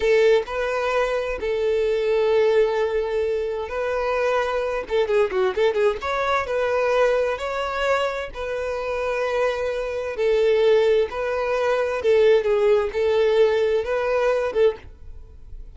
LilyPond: \new Staff \with { instrumentName = "violin" } { \time 4/4 \tempo 4 = 130 a'4 b'2 a'4~ | a'1 | b'2~ b'8 a'8 gis'8 fis'8 | a'8 gis'8 cis''4 b'2 |
cis''2 b'2~ | b'2 a'2 | b'2 a'4 gis'4 | a'2 b'4. a'8 | }